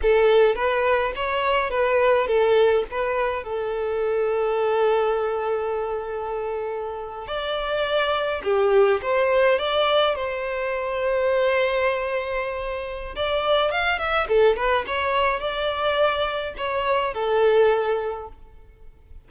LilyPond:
\new Staff \with { instrumentName = "violin" } { \time 4/4 \tempo 4 = 105 a'4 b'4 cis''4 b'4 | a'4 b'4 a'2~ | a'1~ | a'8. d''2 g'4 c''16~ |
c''8. d''4 c''2~ c''16~ | c''2. d''4 | f''8 e''8 a'8 b'8 cis''4 d''4~ | d''4 cis''4 a'2 | }